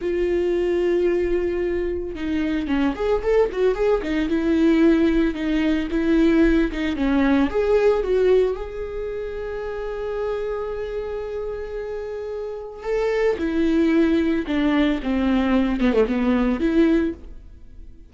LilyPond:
\new Staff \with { instrumentName = "viola" } { \time 4/4 \tempo 4 = 112 f'1 | dis'4 cis'8 gis'8 a'8 fis'8 gis'8 dis'8 | e'2 dis'4 e'4~ | e'8 dis'8 cis'4 gis'4 fis'4 |
gis'1~ | gis'1 | a'4 e'2 d'4 | c'4. b16 a16 b4 e'4 | }